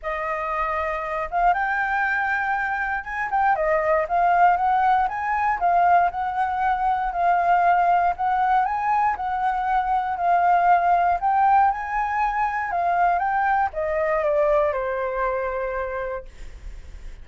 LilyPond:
\new Staff \with { instrumentName = "flute" } { \time 4/4 \tempo 4 = 118 dis''2~ dis''8 f''8 g''4~ | g''2 gis''8 g''8 dis''4 | f''4 fis''4 gis''4 f''4 | fis''2 f''2 |
fis''4 gis''4 fis''2 | f''2 g''4 gis''4~ | gis''4 f''4 g''4 dis''4 | d''4 c''2. | }